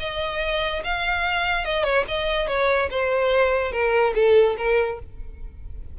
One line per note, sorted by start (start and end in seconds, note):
0.00 0.83 D#5
0.85 1.65 F5
1.65 1.84 D#5
1.84 2.05 C#5
2.08 2.48 D#5
2.48 2.90 C#5
2.91 3.73 C5
3.73 4.14 A#4
4.15 4.57 A4
4.58 4.99 A#4